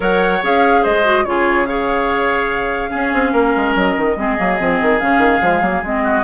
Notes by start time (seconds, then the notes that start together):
0.00 F#3 A#4 C#5 F#5
0.42 C#4 G#4 F5
0.82 G#3 C5 D#5
1.04 F#4
1.25 C#3 F4 G#4 C#5
1.65 G#4 C#5 F5
2.89 C#4 G#4
3.13 C4
3.32 A#3 A#4
3.56 G#3
3.75 F#3 D#5
3.97 D#3
4.16 G#3 C4 G#4
4.37 F#3 A#3
4.58 F3 C4
4.81 D#3
4.99 C#3 C#4 F5
5.18 D#3
5.41 F3 G#3
5.61 F#3 A#3
5.82 G#3 C4 D#5
6.03 F#4